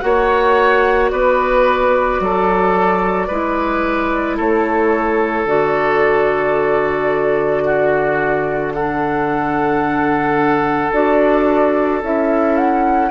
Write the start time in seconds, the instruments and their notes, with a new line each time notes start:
0.00 bassoon A#3, clarinet F#4, oboe C#5, flute F#5
1.10 bassoon B3, oboe B4, flute D5
2.20 bassoon F#3, oboe A4
3.28 bassoon G#3, clarinet E4, oboe B4
4.37 bassoon A3, oboe A4, flute C#5
5.45 bassoon D3, clarinet F#4, flute D5
7.64 oboe F#4
8.74 clarinet D4, oboe A4, flute F#5
10.92 bassoon D4, clarinet F#4, flute D5
12.02 bassoon C#4, clarinet E4, flute E5
12.57 flute F#5